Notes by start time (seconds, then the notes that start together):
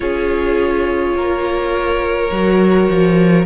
0.00 C#4 F4 G#4 C#5
1.15 A#3 A#4
2.31 F#3 F#4
2.89 F3